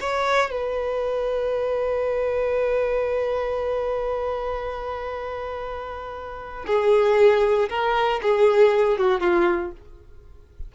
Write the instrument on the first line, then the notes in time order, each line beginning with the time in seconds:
violin
0.00 C#5
0.50 B4
6.66 G#4
7.69 A#4
8.22 G#4
8.98 F#4
9.20 F4